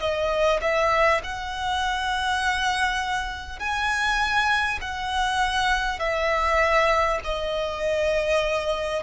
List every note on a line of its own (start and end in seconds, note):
0.00 0.60 D#5
0.62 1.22 E5
1.24 3.59 F#5
3.59 4.79 G#5
4.82 5.99 F#5
5.99 7.19 E5
7.24 9.03 D#5